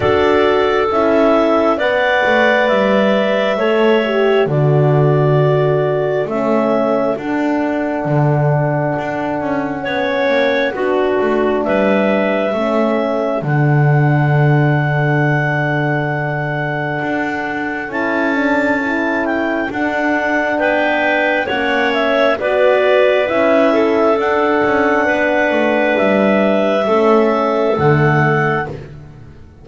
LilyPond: <<
  \new Staff \with { instrumentName = "clarinet" } { \time 4/4 \tempo 4 = 67 d''4 e''4 fis''4 e''4~ | e''4 d''2 e''4 | fis''1~ | fis''4 e''2 fis''4~ |
fis''1 | a''4. g''8 fis''4 g''4 | fis''8 e''8 d''4 e''4 fis''4~ | fis''4 e''2 fis''4 | }
  \new Staff \with { instrumentName = "clarinet" } { \time 4/4 a'2 d''2 | cis''4 a'2.~ | a'2. cis''4 | fis'4 b'4 a'2~ |
a'1~ | a'2. b'4 | cis''4 b'4. a'4. | b'2 a'2 | }
  \new Staff \with { instrumentName = "horn" } { \time 4/4 fis'4 e'4 b'2 | a'8 g'8 fis'2 cis'4 | d'2. cis'4 | d'2 cis'4 d'4~ |
d'1 | e'8 d'8 e'4 d'2 | cis'4 fis'4 e'4 d'4~ | d'2 cis'4 a4 | }
  \new Staff \with { instrumentName = "double bass" } { \time 4/4 d'4 cis'4 b8 a8 g4 | a4 d2 a4 | d'4 d4 d'8 cis'8 b8 ais8 | b8 a8 g4 a4 d4~ |
d2. d'4 | cis'2 d'4 b4 | ais4 b4 cis'4 d'8 cis'8 | b8 a8 g4 a4 d4 | }
>>